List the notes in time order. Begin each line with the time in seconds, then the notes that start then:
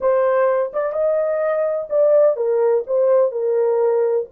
0.00 C5
0.73 D5
0.92 D#5
1.89 D5
2.36 A#4
2.86 C5
3.31 A#4